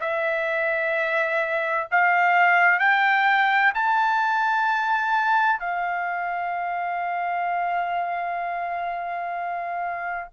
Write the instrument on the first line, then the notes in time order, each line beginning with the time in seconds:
trumpet
0.00 E5
1.91 F5
2.79 G5
3.74 A5
5.59 F5